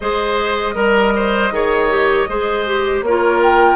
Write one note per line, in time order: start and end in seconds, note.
0.00 0.74 G#3
0.00 0.75 G#4
0.00 0.74 C5
0.00 3.00 D#5
0.74 1.50 G3
0.74 1.12 A#4
0.74 1.51 A#4
1.15 1.53 C5
1.50 2.26 D#3
1.50 1.89 G#4
1.50 2.29 C#5
1.89 2.27 G4
2.28 3.01 G#3
2.28 2.66 G#4
2.28 3.05 C5
2.66 3.04 G4
3.01 3.75 A#3
3.01 3.75 A#4
3.01 3.41 C#5
3.08 3.75 F4
3.41 3.75 G5